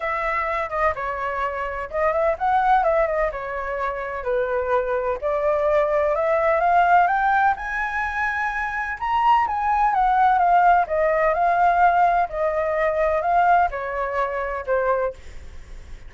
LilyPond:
\new Staff \with { instrumentName = "flute" } { \time 4/4 \tempo 4 = 127 e''4. dis''8 cis''2 | dis''8 e''8 fis''4 e''8 dis''8 cis''4~ | cis''4 b'2 d''4~ | d''4 e''4 f''4 g''4 |
gis''2. ais''4 | gis''4 fis''4 f''4 dis''4 | f''2 dis''2 | f''4 cis''2 c''4 | }